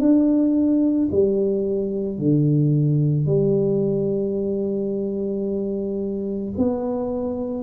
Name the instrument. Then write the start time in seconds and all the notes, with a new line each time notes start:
tuba
0.00 D4
1.12 G3
2.19 D3
3.27 G3
6.58 B3